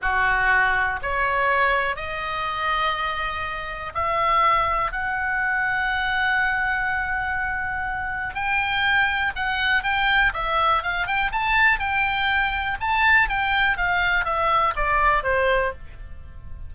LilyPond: \new Staff \with { instrumentName = "oboe" } { \time 4/4 \tempo 4 = 122 fis'2 cis''2 | dis''1 | e''2 fis''2~ | fis''1~ |
fis''4 g''2 fis''4 | g''4 e''4 f''8 g''8 a''4 | g''2 a''4 g''4 | f''4 e''4 d''4 c''4 | }